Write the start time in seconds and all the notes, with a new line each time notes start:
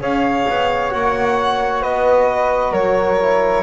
0.00 C#4 G#4 C#5 F5
0.49 B3
0.90 A#3 F#4 F#5
1.82 B3 B4 D#5
2.72 F#3 A#4 C#5
3.21 E4